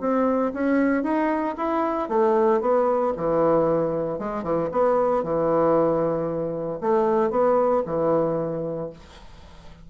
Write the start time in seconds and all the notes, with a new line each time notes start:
0.00 C4
0.54 C#4
1.03 D#4
1.57 E4
2.09 A3
2.61 B3
3.17 E3
4.19 G#3
4.43 E3
4.72 B3
5.23 E3
6.81 A3
7.31 B3
7.86 E3